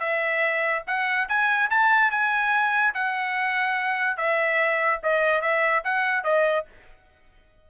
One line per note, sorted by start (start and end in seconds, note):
0.00 0.83 E5
0.87 1.29 F#5
1.29 1.70 G#5
1.70 2.11 A5
2.11 2.94 G#5
2.94 4.17 F#5
4.17 5.00 E5
5.03 5.42 D#5
5.42 5.83 E5
5.84 6.24 F#5
6.24 6.66 D#5